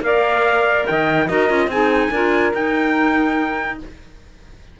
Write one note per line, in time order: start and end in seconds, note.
0.00 0.83 A#3
0.00 1.28 A#4
0.00 0.88 D5
0.00 0.86 F5
0.86 1.29 D#3
0.86 1.27 D#5
0.86 1.28 G5
1.27 1.49 D#4
1.27 1.48 F#4
1.27 1.69 A#4
1.27 1.70 D#5
1.48 1.66 C#4
1.48 1.69 F4
1.66 2.08 C4
1.66 2.12 D#4
1.66 2.11 G#4
1.66 2.53 G#5
2.10 2.52 D4
2.10 2.53 F4
2.10 3.78 A#4
2.53 3.78 D#4
2.53 3.79 G5